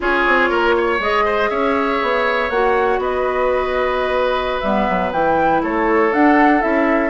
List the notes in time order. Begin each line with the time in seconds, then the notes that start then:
0.00 C#4 F4 G#4 C#5
0.26 C4
0.49 A#3 A#4
0.77 C#5
0.99 G#3 G#4 D#5
1.24 C5
1.49 C#4 C#5 E5
2.02 B3
2.49 A#3 F#4 F#5
2.98 B3 B4 D#5
4.60 G3 B3 E5
4.89 F#3
5.11 E3 E4 G5
5.62 A3 A4 C#5
6.11 D4 F#5
6.60 C#4 E4 E5